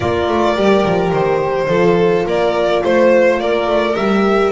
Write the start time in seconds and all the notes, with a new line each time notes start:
0.00 A#3 F4 A#4 D5
0.28 A3
0.55 G3 G4
0.85 F3
1.11 D#3 C5
1.68 F3 F4 A4
2.25 A#3 A#4 D5
2.84 A3 C5
3.39 A#3 A#4 D5
3.66 A3
3.95 G3 G4 E5